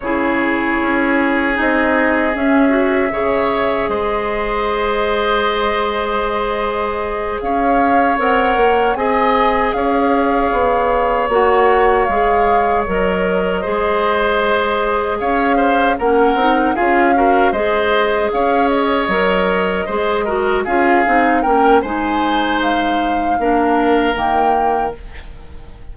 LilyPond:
<<
  \new Staff \with { instrumentName = "flute" } { \time 4/4 \tempo 4 = 77 cis''2 dis''4 e''4~ | e''4 dis''2.~ | dis''4. f''4 fis''4 gis''8~ | gis''8 f''2 fis''4 f''8~ |
f''8 dis''2. f''8~ | f''8 fis''4 f''4 dis''4 f''8 | dis''2~ dis''8 f''4 g''8 | gis''4 f''2 g''4 | }
  \new Staff \with { instrumentName = "oboe" } { \time 4/4 gis'1 | cis''4 c''2.~ | c''4. cis''2 dis''8~ | dis''8 cis''2.~ cis''8~ |
cis''4. c''2 cis''8 | c''8 ais'4 gis'8 ais'8 c''4 cis''8~ | cis''4. c''8 ais'8 gis'4 ais'8 | c''2 ais'2 | }
  \new Staff \with { instrumentName = "clarinet" } { \time 4/4 e'2 dis'4 cis'8 fis'8 | gis'1~ | gis'2~ gis'8 ais'4 gis'8~ | gis'2~ gis'8 fis'4 gis'8~ |
gis'8 ais'4 gis'2~ gis'8~ | gis'8 cis'8 dis'8 f'8 fis'8 gis'4.~ | gis'8 ais'4 gis'8 fis'8 f'8 dis'8 cis'8 | dis'2 d'4 ais4 | }
  \new Staff \with { instrumentName = "bassoon" } { \time 4/4 cis4 cis'4 c'4 cis'4 | cis4 gis2.~ | gis4. cis'4 c'8 ais8 c'8~ | c'8 cis'4 b4 ais4 gis8~ |
gis8 fis4 gis2 cis'8~ | cis'8 ais8 c'8 cis'4 gis4 cis'8~ | cis'8 fis4 gis4 cis'8 c'8 ais8 | gis2 ais4 dis4 | }
>>